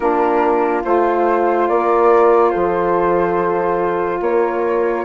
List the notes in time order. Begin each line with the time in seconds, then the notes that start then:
0.00 A#3 D4 F4 A#4
0.83 A3 F4 C5
1.68 A#3 A#4 D5
2.50 F3 A4 C5
4.20 A#3 A#4 C#5